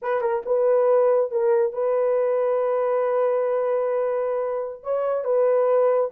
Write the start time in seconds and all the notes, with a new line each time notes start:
0.02 B4
0.21 A#4
0.45 B4
1.31 A#4
1.73 B4
4.83 C#5
5.24 B4